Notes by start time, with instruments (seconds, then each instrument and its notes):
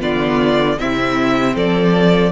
0.00 cello D3, viola B3, violin F4 D5
0.79 cello C3, viola C4, violin E4 E5
1.55 cello F3, violin A4 D5